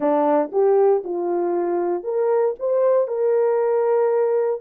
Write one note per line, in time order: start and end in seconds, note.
0.00 0.50 D4
0.52 1.03 G4
1.03 2.03 F4
2.03 2.54 A#4
2.59 3.07 C5
3.07 4.60 A#4